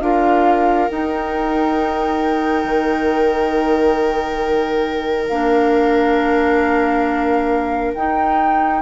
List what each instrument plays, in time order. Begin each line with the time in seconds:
0.00 bassoon D4, clarinet F4, viola A#4, flute F5
0.88 bassoon D#4, clarinet D#4, flute G5
2.64 bassoon D#3
5.28 bassoon A#3, clarinet D4, flute F5
7.94 bassoon D#4, clarinet D#4, flute G5